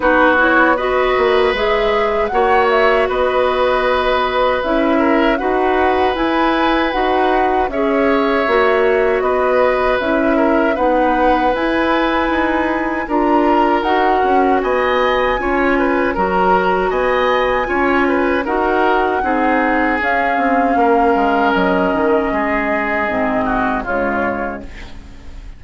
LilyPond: <<
  \new Staff \with { instrumentName = "flute" } { \time 4/4 \tempo 4 = 78 b'8 cis''8 dis''4 e''4 fis''8 e''8 | dis''2 e''4 fis''4 | gis''4 fis''4 e''2 | dis''4 e''4 fis''4 gis''4~ |
gis''4 ais''4 fis''4 gis''4~ | gis''4 ais''4 gis''2 | fis''2 f''2 | dis''2. cis''4 | }
  \new Staff \with { instrumentName = "oboe" } { \time 4/4 fis'4 b'2 cis''4 | b'2~ b'8 ais'8 b'4~ | b'2 cis''2 | b'4. ais'8 b'2~ |
b'4 ais'2 dis''4 | cis''8 b'8 ais'4 dis''4 cis''8 b'8 | ais'4 gis'2 ais'4~ | ais'4 gis'4. fis'8 f'4 | }
  \new Staff \with { instrumentName = "clarinet" } { \time 4/4 dis'8 e'8 fis'4 gis'4 fis'4~ | fis'2 e'4 fis'4 | e'4 fis'4 gis'4 fis'4~ | fis'4 e'4 dis'4 e'4~ |
e'4 f'4 fis'2 | f'4 fis'2 f'4 | fis'4 dis'4 cis'2~ | cis'2 c'4 gis4 | }
  \new Staff \with { instrumentName = "bassoon" } { \time 4/4 b4. ais8 gis4 ais4 | b2 cis'4 dis'4 | e'4 dis'4 cis'4 ais4 | b4 cis'4 b4 e'4 |
dis'4 d'4 dis'8 cis'8 b4 | cis'4 fis4 b4 cis'4 | dis'4 c'4 cis'8 c'8 ais8 gis8 | fis8 dis8 gis4 gis,4 cis4 | }
>>